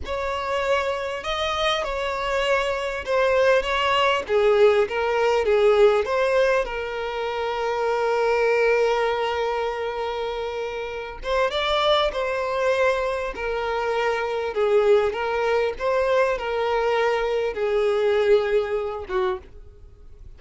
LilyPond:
\new Staff \with { instrumentName = "violin" } { \time 4/4 \tempo 4 = 99 cis''2 dis''4 cis''4~ | cis''4 c''4 cis''4 gis'4 | ais'4 gis'4 c''4 ais'4~ | ais'1~ |
ais'2~ ais'8 c''8 d''4 | c''2 ais'2 | gis'4 ais'4 c''4 ais'4~ | ais'4 gis'2~ gis'8 fis'8 | }